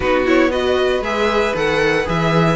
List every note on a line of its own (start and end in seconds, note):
0.00 1.01 B3
0.00 0.25 D#4
0.00 0.50 F#4
0.00 0.24 B4
0.25 0.50 E4
0.25 0.51 C#5
0.50 1.02 F#4
0.50 2.55 B4
0.50 1.03 D#5
1.01 1.52 G#3
1.01 1.55 G#4
1.01 1.55 E5
1.55 2.06 D#3
1.55 2.04 A4
1.55 2.08 F#5
2.04 2.55 E3
2.04 2.55 G#4
2.04 2.55 E5